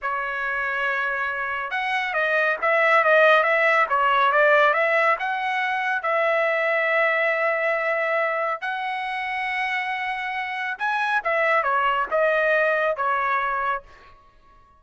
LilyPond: \new Staff \with { instrumentName = "trumpet" } { \time 4/4 \tempo 4 = 139 cis''1 | fis''4 dis''4 e''4 dis''4 | e''4 cis''4 d''4 e''4 | fis''2 e''2~ |
e''1 | fis''1~ | fis''4 gis''4 e''4 cis''4 | dis''2 cis''2 | }